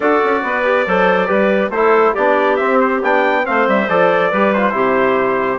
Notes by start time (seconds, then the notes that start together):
0.00 D4 F#4 A4 D5
0.23 C#4
0.43 B3 B4
0.64 G4
0.87 F#3 A4 C5
1.26 G3 G4 B4
1.70 A3 E4 A4 C5
2.12 B3 D4 G4 D5
2.56 C4 E5
2.80 C5
3.02 B3 D4 G5
3.44 A3 C4 C5 F5
3.67 G3 E5
3.88 F3 A4 D5
4.30 G3 G4 B4
4.53 F4 C5
4.71 C3 E4 G4